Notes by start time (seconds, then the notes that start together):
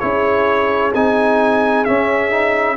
0.00 C#4 E4 G#4 C#5
0.95 C4 D#4 G#5
1.85 C#4 E5
2.31 D#4